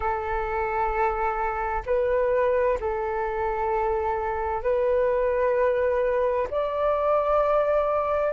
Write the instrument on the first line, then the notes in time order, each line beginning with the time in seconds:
flute
0.00 A4
1.85 B4
2.80 A4
4.62 B4
6.50 D5